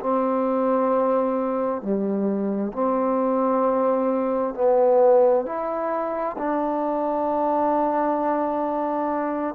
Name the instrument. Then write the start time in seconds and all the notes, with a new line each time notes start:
trombone
0.00 C4
1.82 G3
2.72 C4
4.55 B3
5.45 E4
6.38 D4